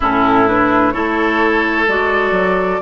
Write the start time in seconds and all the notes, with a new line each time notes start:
0.00 A2 C#4 E4 A4
0.47 D4 B4
0.91 A3 E4 A4 C#5
1.88 G#3 F#4 D5
2.31 F#3